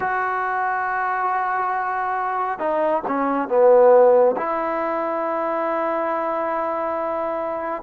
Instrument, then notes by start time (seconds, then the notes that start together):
trombone
0.00 F#4
2.58 D#4
3.07 C#4
3.48 B3
4.36 E4